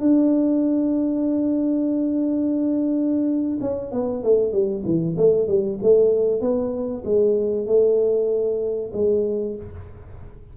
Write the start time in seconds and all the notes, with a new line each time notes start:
0.00 D4
3.61 C#4
3.92 B3
4.24 A3
4.53 G3
4.86 E3
5.17 A3
5.48 G3
5.83 A3
6.41 B3
7.05 G#3
7.67 A3
8.93 G#3